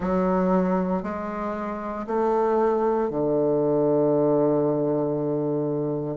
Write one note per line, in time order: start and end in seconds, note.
0.00 1.03 F#3
1.03 2.06 G#3
2.06 3.10 A3
3.10 6.17 D3